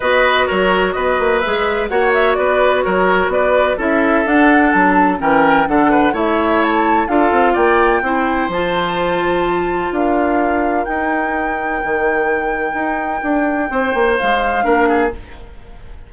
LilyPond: <<
  \new Staff \with { instrumentName = "flute" } { \time 4/4 \tempo 4 = 127 dis''4 cis''4 dis''4 e''4 | fis''8 e''8 d''4 cis''4 d''4 | e''4 fis''4 a''4 g''4 | fis''4 e''4 a''4 f''4 |
g''2 a''2~ | a''4 f''2 g''4~ | g''1~ | g''2 f''2 | }
  \new Staff \with { instrumentName = "oboe" } { \time 4/4 b'4 ais'4 b'2 | cis''4 b'4 ais'4 b'4 | a'2. ais'4 | a'8 b'8 cis''2 a'4 |
d''4 c''2.~ | c''4 ais'2.~ | ais'1~ | ais'4 c''2 ais'8 gis'8 | }
  \new Staff \with { instrumentName = "clarinet" } { \time 4/4 fis'2. gis'4 | fis'1 | e'4 d'2 cis'4 | d'4 e'2 f'4~ |
f'4 e'4 f'2~ | f'2. dis'4~ | dis'1~ | dis'2. d'4 | }
  \new Staff \with { instrumentName = "bassoon" } { \time 4/4 b4 fis4 b8 ais8 gis4 | ais4 b4 fis4 b4 | cis'4 d'4 fis4 e4 | d4 a2 d'8 c'8 |
ais4 c'4 f2~ | f4 d'2 dis'4~ | dis'4 dis2 dis'4 | d'4 c'8 ais8 gis4 ais4 | }
>>